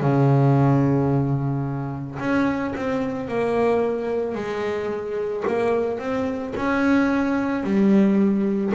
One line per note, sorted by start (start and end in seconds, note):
0.00 2.18 C#3
2.19 2.73 C#4
2.75 3.28 C4
3.28 4.34 A#3
4.34 5.43 G#3
5.47 5.99 A#3
5.99 6.53 C4
6.56 7.63 C#4
7.63 8.72 G3